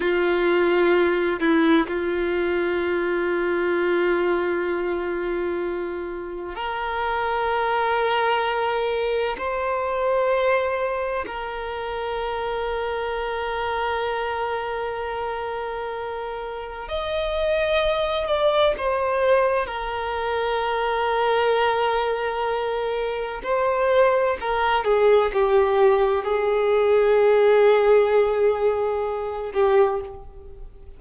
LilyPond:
\new Staff \with { instrumentName = "violin" } { \time 4/4 \tempo 4 = 64 f'4. e'8 f'2~ | f'2. ais'4~ | ais'2 c''2 | ais'1~ |
ais'2 dis''4. d''8 | c''4 ais'2.~ | ais'4 c''4 ais'8 gis'8 g'4 | gis'2.~ gis'8 g'8 | }